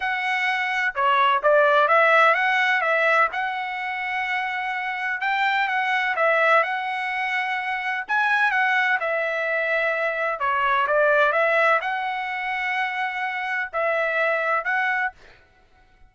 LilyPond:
\new Staff \with { instrumentName = "trumpet" } { \time 4/4 \tempo 4 = 127 fis''2 cis''4 d''4 | e''4 fis''4 e''4 fis''4~ | fis''2. g''4 | fis''4 e''4 fis''2~ |
fis''4 gis''4 fis''4 e''4~ | e''2 cis''4 d''4 | e''4 fis''2.~ | fis''4 e''2 fis''4 | }